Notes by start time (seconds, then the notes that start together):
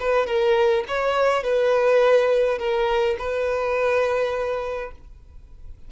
0.00 B4
0.27 A#4
0.88 C#5
1.44 B4
2.59 A#4
3.19 B4